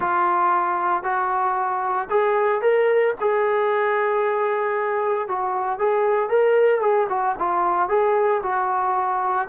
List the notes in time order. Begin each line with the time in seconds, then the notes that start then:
0.00 F4
1.03 F#4
2.10 G#4
2.61 A#4
3.20 G#4
5.28 F#4
5.78 G#4
6.29 A#4
6.80 G#4
7.09 F#4
7.38 F4
7.88 G#4
8.42 F#4